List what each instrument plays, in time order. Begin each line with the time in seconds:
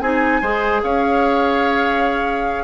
0.00 bassoon C4, clarinet D#4, oboe G#4, flute G#5
0.41 bassoon G#3, clarinet G#4, oboe C5
0.83 bassoon C#4, oboe C#5, flute F5